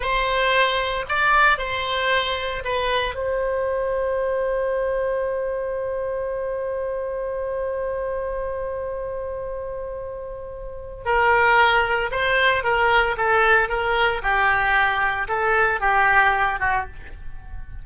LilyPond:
\new Staff \with { instrumentName = "oboe" } { \time 4/4 \tempo 4 = 114 c''2 d''4 c''4~ | c''4 b'4 c''2~ | c''1~ | c''1~ |
c''1~ | c''4 ais'2 c''4 | ais'4 a'4 ais'4 g'4~ | g'4 a'4 g'4. fis'8 | }